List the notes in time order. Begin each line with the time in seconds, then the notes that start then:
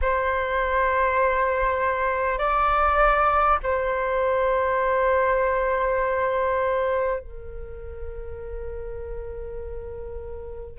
0.01 C5
2.38 D5
3.63 C5
7.20 A#4